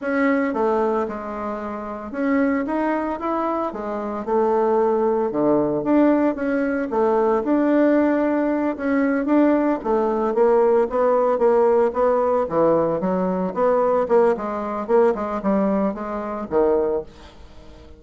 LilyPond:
\new Staff \with { instrumentName = "bassoon" } { \time 4/4 \tempo 4 = 113 cis'4 a4 gis2 | cis'4 dis'4 e'4 gis4 | a2 d4 d'4 | cis'4 a4 d'2~ |
d'8 cis'4 d'4 a4 ais8~ | ais8 b4 ais4 b4 e8~ | e8 fis4 b4 ais8 gis4 | ais8 gis8 g4 gis4 dis4 | }